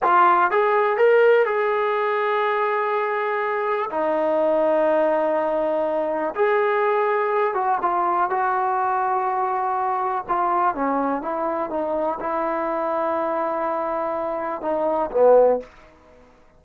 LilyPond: \new Staff \with { instrumentName = "trombone" } { \time 4/4 \tempo 4 = 123 f'4 gis'4 ais'4 gis'4~ | gis'1 | dis'1~ | dis'4 gis'2~ gis'8 fis'8 |
f'4 fis'2.~ | fis'4 f'4 cis'4 e'4 | dis'4 e'2.~ | e'2 dis'4 b4 | }